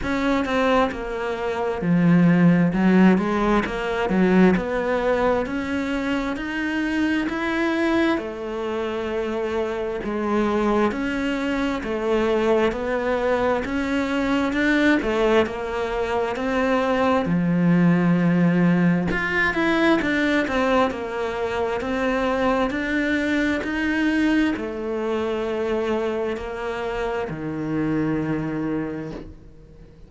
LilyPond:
\new Staff \with { instrumentName = "cello" } { \time 4/4 \tempo 4 = 66 cis'8 c'8 ais4 f4 fis8 gis8 | ais8 fis8 b4 cis'4 dis'4 | e'4 a2 gis4 | cis'4 a4 b4 cis'4 |
d'8 a8 ais4 c'4 f4~ | f4 f'8 e'8 d'8 c'8 ais4 | c'4 d'4 dis'4 a4~ | a4 ais4 dis2 | }